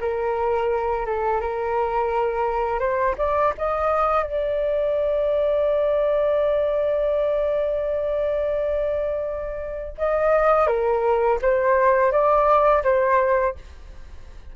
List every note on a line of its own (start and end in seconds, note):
0.00 1.06 A#4
1.06 1.40 A4
1.40 2.79 A#4
2.79 3.15 C5
3.17 3.53 D5
3.57 4.23 D#5
4.23 9.94 D5
9.98 10.67 D#5
10.67 11.38 A#4
11.42 12.11 C5
12.11 12.83 D5
12.83 13.55 C5